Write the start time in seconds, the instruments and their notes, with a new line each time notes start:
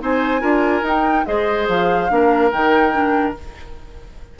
0.00 bassoon C4, clarinet D#4, oboe C5, flute G#5
0.39 bassoon D4, clarinet F4, oboe A#4
0.81 bassoon D#4, clarinet D#4, flute G5
1.25 bassoon G#3, clarinet G#4, oboe C5, flute D#5
1.68 bassoon F3, flute F5
2.09 bassoon A#3, clarinet D4, oboe A#4
2.51 bassoon D#3, clarinet D#4, flute G5
2.92 clarinet D4